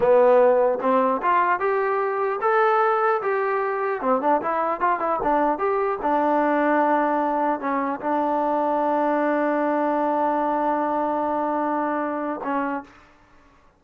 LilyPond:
\new Staff \with { instrumentName = "trombone" } { \time 4/4 \tempo 4 = 150 b2 c'4 f'4 | g'2 a'2 | g'2 c'8 d'8 e'4 | f'8 e'8 d'4 g'4 d'4~ |
d'2. cis'4 | d'1~ | d'1~ | d'2. cis'4 | }